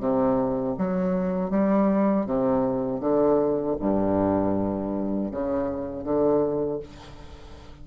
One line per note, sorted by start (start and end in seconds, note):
0.00 0.76 C3
0.78 1.51 F#3
1.51 2.26 G3
2.26 3.00 C3
3.00 3.76 D3
3.79 5.31 G2
5.32 6.04 C#3
6.04 6.80 D3